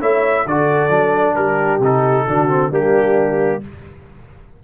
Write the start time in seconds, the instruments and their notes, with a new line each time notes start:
0.00 tuba A3, trombone E4, horn C#5, trumpet E5
0.46 tuba D3, trombone F#4, horn A4, trumpet D5
0.90 tuba F#3, trombone D4
1.34 tuba G3, horn G4, trumpet A#4
1.79 tuba C3, trombone D#4, trumpet A4
2.27 tuba D3, trombone D4, horn F#4
2.49 trombone C4
2.71 tuba G3, trombone A#3, horn D4, trumpet G4